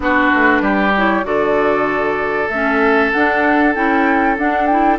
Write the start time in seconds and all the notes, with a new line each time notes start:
0.00 B3 D4 F#4 B4
0.34 A3
0.60 G3 G4
0.96 E4 C#5
1.23 D3 F#4 A4 D5
2.49 A3 C#4 E5
3.11 D4 F#5
3.74 C#4 E4 G5
4.37 D4 F#5
4.66 E4 G5